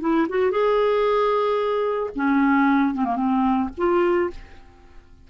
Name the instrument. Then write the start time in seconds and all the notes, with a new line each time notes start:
clarinet
0.00 E4
0.29 F#4
0.51 G#4
2.15 C#4
2.94 C4
3.04 A#3
3.15 C4
3.77 F4